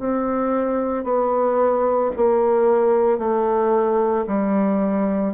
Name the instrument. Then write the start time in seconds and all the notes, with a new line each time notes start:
bassoon
0.00 C4
1.04 B3
2.17 A#3
3.19 A3
4.27 G3